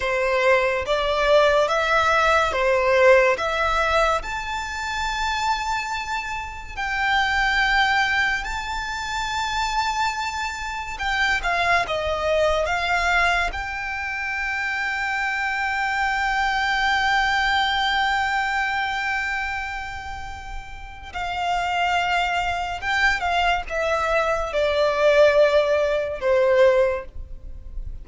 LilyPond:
\new Staff \with { instrumentName = "violin" } { \time 4/4 \tempo 4 = 71 c''4 d''4 e''4 c''4 | e''4 a''2. | g''2 a''2~ | a''4 g''8 f''8 dis''4 f''4 |
g''1~ | g''1~ | g''4 f''2 g''8 f''8 | e''4 d''2 c''4 | }